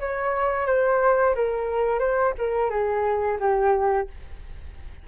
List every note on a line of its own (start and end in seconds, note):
0.00 0.67 C#5
0.67 1.35 C5
1.36 2.00 A#4
2.00 2.34 C5
2.39 2.71 A#4
2.71 3.39 G#4
3.40 4.08 G4